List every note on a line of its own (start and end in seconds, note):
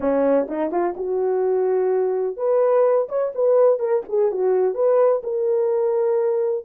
0.00 0.47 C#4
0.48 0.71 D#4
0.71 0.95 F4
0.96 2.36 F#4
2.36 3.08 B4
3.08 3.32 C#5
3.34 3.79 B4
3.79 4.03 A#4
4.08 4.31 G#4
4.31 4.74 F#4
4.74 5.22 B4
5.23 6.64 A#4